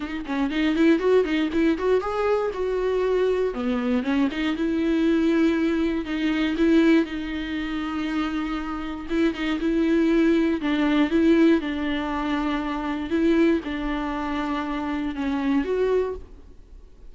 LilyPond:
\new Staff \with { instrumentName = "viola" } { \time 4/4 \tempo 4 = 119 dis'8 cis'8 dis'8 e'8 fis'8 dis'8 e'8 fis'8 | gis'4 fis'2 b4 | cis'8 dis'8 e'2. | dis'4 e'4 dis'2~ |
dis'2 e'8 dis'8 e'4~ | e'4 d'4 e'4 d'4~ | d'2 e'4 d'4~ | d'2 cis'4 fis'4 | }